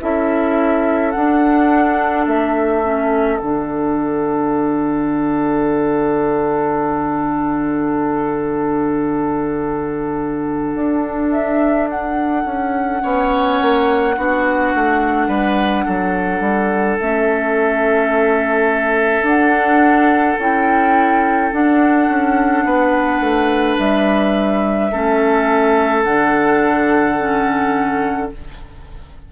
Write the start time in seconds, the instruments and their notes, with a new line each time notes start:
0.00 bassoon C#4, clarinet E4, oboe A4, flute E5
1.11 clarinet D4, bassoon D4, flute F#5
2.26 bassoon A3, flute E5
2.82 clarinet C#4
3.38 bassoon D3, clarinet D4, flute F#5
10.74 bassoon D4
11.31 flute E5
11.89 flute F#5
12.45 bassoon C#4
13.01 bassoon B3, clarinet C#4, oboe C#5
13.61 bassoon A#3
14.16 bassoon B3, clarinet D4, oboe F#4
14.74 bassoon A3
15.27 bassoon G3, oboe B4
15.85 bassoon F#3, oboe A4
16.40 bassoon G3
16.99 bassoon A3, clarinet C#4, flute E5
19.22 bassoon D4, clarinet D4, flute F#5
20.38 bassoon C#4, clarinet E4, flute G5
21.51 clarinet D4, bassoon D4, flute F#5
22.08 bassoon C#4
22.64 bassoon B3, oboe B4
23.20 bassoon A3
23.77 bassoon G3, flute E5
24.91 bassoon A3, clarinet C#4, oboe A4
26.03 bassoon D3, clarinet D4, flute F#5
27.18 clarinet C#4